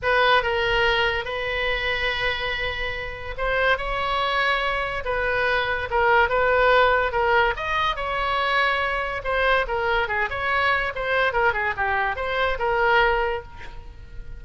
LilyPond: \new Staff \with { instrumentName = "oboe" } { \time 4/4 \tempo 4 = 143 b'4 ais'2 b'4~ | b'1 | c''4 cis''2. | b'2 ais'4 b'4~ |
b'4 ais'4 dis''4 cis''4~ | cis''2 c''4 ais'4 | gis'8 cis''4. c''4 ais'8 gis'8 | g'4 c''4 ais'2 | }